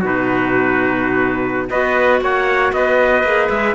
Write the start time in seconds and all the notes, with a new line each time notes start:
0.00 B2 D#4 F#4 B4
1.70 B3 F#4 B4 D#5
2.21 A#3 C#5 F#5
2.72 B3 B4 D#5
3.23 A#3 G#4
3.49 G#3 E5